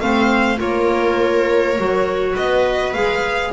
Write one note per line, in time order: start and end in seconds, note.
0.00 0.60 A3
0.00 0.57 C4
0.00 0.58 C5
0.00 0.59 F5
0.57 1.78 A#3
0.57 1.75 F4
0.57 2.33 A#4
0.57 2.36 C#5
1.78 2.37 F#3
1.78 2.94 F#4
2.33 2.94 B3
2.33 3.51 B4
2.33 2.93 D#5
2.93 3.53 G#3
2.93 3.53 G#4
2.93 3.52 F5